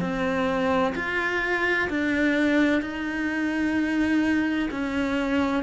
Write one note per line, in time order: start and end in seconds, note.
0.00 0.94 C4
0.95 1.88 F4
1.89 2.81 D4
2.81 4.69 D#4
4.70 5.63 C#4